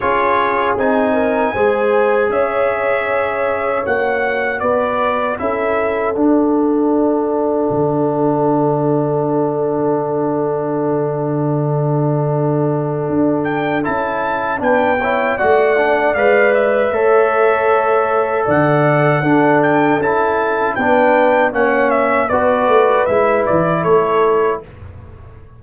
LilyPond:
<<
  \new Staff \with { instrumentName = "trumpet" } { \time 4/4 \tempo 4 = 78 cis''4 gis''2 e''4~ | e''4 fis''4 d''4 e''4 | fis''1~ | fis''1~ |
fis''4. g''8 a''4 g''4 | fis''4 f''8 e''2~ e''8 | fis''4. g''8 a''4 g''4 | fis''8 e''8 d''4 e''8 d''8 cis''4 | }
  \new Staff \with { instrumentName = "horn" } { \time 4/4 gis'4. ais'8 c''4 cis''4~ | cis''2 b'4 a'4~ | a'1~ | a'1~ |
a'2. b'8 cis''8 | d''2 cis''2 | d''4 a'2 b'4 | cis''4 b'2 a'4 | }
  \new Staff \with { instrumentName = "trombone" } { \time 4/4 f'4 dis'4 gis'2~ | gis'4 fis'2 e'4 | d'1~ | d'1~ |
d'2 e'4 d'8 e'8 | fis'8 d'8 b'4 a'2~ | a'4 d'4 e'4 d'4 | cis'4 fis'4 e'2 | }
  \new Staff \with { instrumentName = "tuba" } { \time 4/4 cis'4 c'4 gis4 cis'4~ | cis'4 ais4 b4 cis'4 | d'2 d2~ | d1~ |
d4 d'4 cis'4 b4 | a4 gis4 a2 | d4 d'4 cis'4 b4 | ais4 b8 a8 gis8 e8 a4 | }
>>